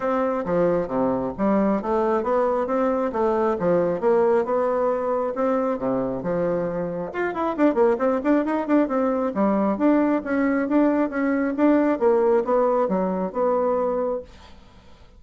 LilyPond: \new Staff \with { instrumentName = "bassoon" } { \time 4/4 \tempo 4 = 135 c'4 f4 c4 g4 | a4 b4 c'4 a4 | f4 ais4 b2 | c'4 c4 f2 |
f'8 e'8 d'8 ais8 c'8 d'8 dis'8 d'8 | c'4 g4 d'4 cis'4 | d'4 cis'4 d'4 ais4 | b4 fis4 b2 | }